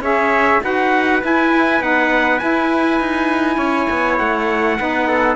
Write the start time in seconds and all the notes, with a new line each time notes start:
0.00 C#4 G#4 C#5 E5
0.62 D#4 F#4 B4 F#5
1.22 E4 G#5
1.81 B3 D#4 F#5
2.39 E4 G#5
3.00 D#4
3.57 C#4 C#5
3.90 B3
4.18 A3 F#5
4.78 B3 D#4 B4
5.08 A4